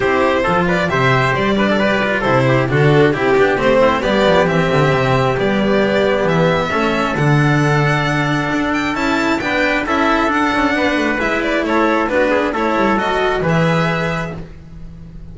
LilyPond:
<<
  \new Staff \with { instrumentName = "violin" } { \time 4/4 \tempo 4 = 134 c''4. d''8 e''4 d''4~ | d''4 c''4 a'4 g'4 | c''4 d''4 e''2 | d''2 e''2 |
fis''2.~ fis''8 g''8 | a''4 g''4 e''4 fis''4~ | fis''4 e''8 d''8 cis''4 b'4 | cis''4 dis''4 e''2 | }
  \new Staff \with { instrumentName = "trumpet" } { \time 4/4 g'4 a'8 b'8 c''4. b'16 a'16 | b'4 a'8 g'8 fis'4 g'4~ | g'8 e'8 g'2.~ | g'2. a'4~ |
a'1~ | a'4 b'4 a'2 | b'2 a'4 fis'8 gis'8 | a'2 b'2 | }
  \new Staff \with { instrumentName = "cello" } { \time 4/4 e'4 f'4 g'4. d'8 | g'8 f'8 e'4 d'4 e'8 d'8 | c'4 b4 c'2 | b2. cis'4 |
d'1 | e'4 d'4 e'4 d'4~ | d'4 e'2 d'4 | e'4 fis'4 gis'2 | }
  \new Staff \with { instrumentName = "double bass" } { \time 4/4 c'4 f4 c4 g4~ | g4 c4 d4 c'8 b8 | a4 g8 f8 e8 d8 c4 | g2 e4 a4 |
d2. d'4 | cis'4 b4 cis'4 d'8 cis'8 | b8 a8 gis4 a4 b4 | a8 g8 fis4 e2 | }
>>